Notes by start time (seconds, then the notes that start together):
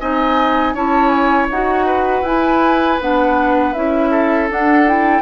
0.00 C4 D#4 D#5 G#5
0.74 C#4 E4 C#5 A5
1.09 G#5
1.50 D#4 F#4 F#5
1.86 B4
2.22 E4 G#5
3.00 B3 D4 F#5
3.73 C#4 E4 E5
4.11 A4
4.50 D4 F#5
4.87 E4 G5